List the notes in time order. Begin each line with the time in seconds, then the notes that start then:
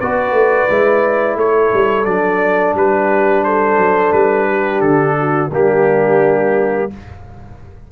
0.00 B3 F#4 B4 D5
0.32 A3
0.70 G#3 E4
1.36 A3 A4 C#5
1.74 G3
2.05 F#3 D4 D5
2.74 G3 G4 B4
3.44 A4 C5
3.78 F#3
4.13 G3 B4
4.48 G4
4.81 D3 A4
5.19 F#4
5.50 G3 A#3 D4 G4